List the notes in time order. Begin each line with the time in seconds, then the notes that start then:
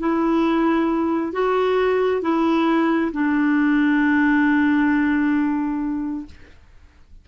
0.00 E4
1.33 F#4
2.22 E4
3.13 D4